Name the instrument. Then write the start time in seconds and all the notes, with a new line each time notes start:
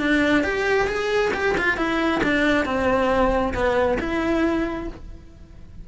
cello
0.00 D4
0.44 G4
0.88 G#4
1.34 G4
1.58 F4
1.78 E4
2.24 D4
2.66 C4
3.54 B3
4.00 E4